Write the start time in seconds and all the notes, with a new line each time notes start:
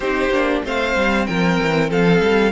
0.00 C4 D#4 G4 C5
0.29 A#3 D4
0.63 A3 C4 C5 F5
0.95 G3
1.26 F3 A#4 G5
1.62 E3
1.90 F3 A4 F5
2.21 G3